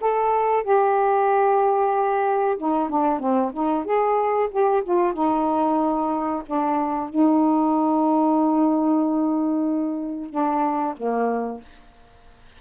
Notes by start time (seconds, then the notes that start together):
0.00 A4
0.63 G4
2.57 D#4
2.89 D4
3.19 C4
3.53 D#4
3.84 G#4
4.50 G4
4.83 F4
5.13 D#4
6.46 D4
7.09 D#4
10.30 D4
10.96 A#3